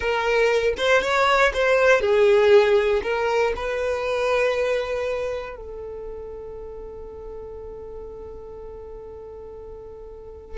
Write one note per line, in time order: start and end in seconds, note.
0.00 0.74 A#4
0.77 1.02 C5
1.02 1.52 C#5
1.53 2.00 C5
2.00 3.01 G#4
3.02 3.53 A#4
3.55 5.56 B4
5.56 10.57 A4